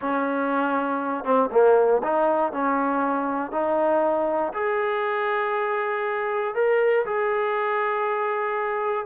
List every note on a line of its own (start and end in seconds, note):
0.01 1.24 C#4
1.24 1.49 C4
1.51 2.02 A#3
2.03 2.52 D#4
2.52 3.51 C#4
3.51 4.52 D#4
4.53 6.54 G#4
6.54 7.05 A#4
7.05 9.05 G#4